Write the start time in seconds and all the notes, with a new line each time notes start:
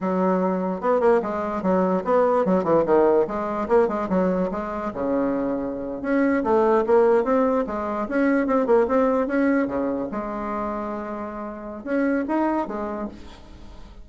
0.01 F#3
0.80 B3
1.00 A#3
1.22 G#3
1.62 F#3
2.04 B3
2.45 F#3
2.64 E3
2.85 D#3
3.27 G#3
3.68 A#3
3.88 G#3
4.09 F#3
4.51 G#3
4.93 C#3
6.02 C#4
6.43 A3
6.86 A#3
7.24 C4
7.66 G#3
8.08 C#4
8.46 C4
8.66 A#3
8.87 C4
9.27 C#4
9.67 C#3
10.11 G#3
11.84 C#4
12.28 D#4
12.67 G#3